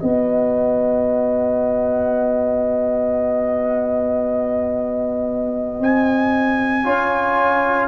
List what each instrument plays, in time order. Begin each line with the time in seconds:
0.00 tuba B3, trombone F#4, horn D#5, trumpet F#5
5.80 tuba C4, trumpet G#5
6.84 tuba C#4, trombone F4, horn C#5